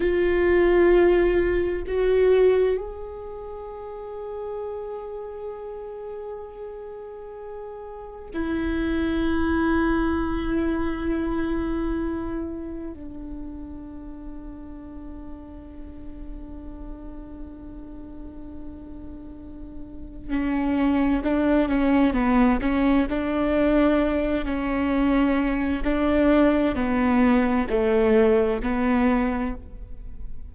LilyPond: \new Staff \with { instrumentName = "viola" } { \time 4/4 \tempo 4 = 65 f'2 fis'4 gis'4~ | gis'1~ | gis'4 e'2.~ | e'2 d'2~ |
d'1~ | d'2 cis'4 d'8 cis'8 | b8 cis'8 d'4. cis'4. | d'4 b4 a4 b4 | }